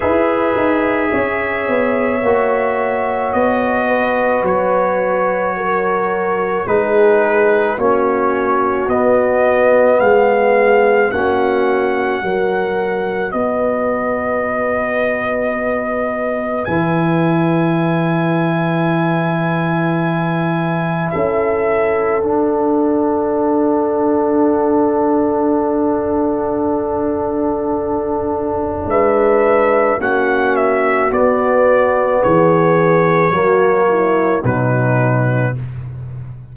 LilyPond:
<<
  \new Staff \with { instrumentName = "trumpet" } { \time 4/4 \tempo 4 = 54 e''2. dis''4 | cis''2 b'4 cis''4 | dis''4 f''4 fis''2 | dis''2. gis''4~ |
gis''2. e''4 | fis''1~ | fis''2 e''4 fis''8 e''8 | d''4 cis''2 b'4 | }
  \new Staff \with { instrumentName = "horn" } { \time 4/4 b'4 cis''2~ cis''8 b'8~ | b'4 ais'4 gis'4 fis'4~ | fis'4 gis'4 fis'4 ais'4 | b'1~ |
b'2. a'4~ | a'1~ | a'2 b'4 fis'4~ | fis'4 gis'4 fis'8 e'8 dis'4 | }
  \new Staff \with { instrumentName = "trombone" } { \time 4/4 gis'2 fis'2~ | fis'2 dis'4 cis'4 | b2 cis'4 fis'4~ | fis'2. e'4~ |
e'1 | d'1~ | d'2. cis'4 | b2 ais4 fis4 | }
  \new Staff \with { instrumentName = "tuba" } { \time 4/4 e'8 dis'8 cis'8 b8 ais4 b4 | fis2 gis4 ais4 | b4 gis4 ais4 fis4 | b2. e4~ |
e2. cis'4 | d'1~ | d'2 gis4 ais4 | b4 e4 fis4 b,4 | }
>>